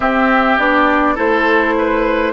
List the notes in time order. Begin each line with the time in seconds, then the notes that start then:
0.00 C4 G4 E5
0.58 B3 D4 D5
1.14 A3 E4 A4 C5
1.78 B4